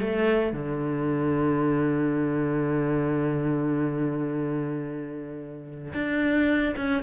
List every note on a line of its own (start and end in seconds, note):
0.00 0.53 A3
0.53 5.93 D3
5.94 6.75 D4
6.76 7.03 C#4